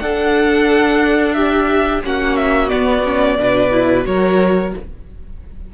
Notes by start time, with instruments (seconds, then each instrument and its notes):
0.00 viola D4, cello D4, violin A4 F#5
1.34 violin G4 E5
2.04 cello A#3, viola C#4, violin F#4 F#5
2.37 violin E5
2.69 viola B3, cello B3, violin D5
3.05 viola C#4
3.39 cello B2, viola D4, violin B4
3.71 viola E4
4.04 cello F#3, viola F#4, violin A#4 C#5